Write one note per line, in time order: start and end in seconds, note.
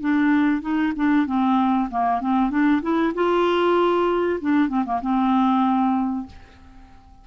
0.00 0.61 D4
0.61 0.92 D#4
0.96 1.26 D4
1.26 1.89 C4
1.90 2.20 A#3
2.20 2.50 C4
2.50 2.81 D4
2.82 3.13 E4
3.14 4.39 F4
4.41 4.68 D4
4.68 4.84 C4
4.85 5.01 A#3
5.01 6.26 C4